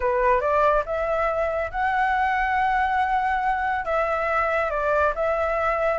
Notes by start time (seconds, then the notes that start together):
0.00 B4
0.40 D5
0.85 E5
1.71 F#5
3.85 E5
4.70 D5
5.15 E5